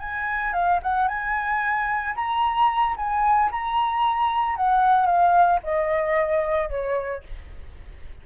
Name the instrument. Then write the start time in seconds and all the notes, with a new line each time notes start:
flute
0.00 G#5
0.54 F5
0.83 F#5
1.08 G#5
2.16 A#5
2.97 G#5
3.52 A#5
4.57 F#5
5.07 F5
5.64 D#5
6.70 C#5